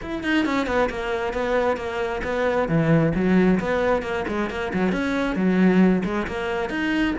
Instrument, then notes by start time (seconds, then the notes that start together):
cello
0.01 E4
0.23 D#4
0.45 C#4
0.66 B3
0.89 A#3
1.33 B3
1.77 A#3
2.23 B3
2.68 E3
3.14 F#3
3.60 B3
4.02 A#3
4.27 G#3
4.49 A#3
4.73 F#3
4.91 C#4
5.35 F#3
6.04 G#3
6.27 A#3
6.69 D#4